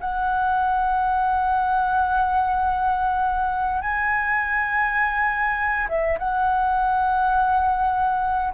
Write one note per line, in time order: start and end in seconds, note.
0.00 3.81 F#5
3.81 5.87 G#5
5.89 6.18 E5
6.19 8.54 F#5